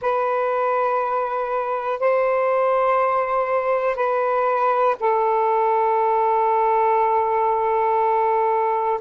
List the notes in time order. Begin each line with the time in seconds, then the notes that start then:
0.01 B4
2.00 C5
3.95 B4
5.00 A4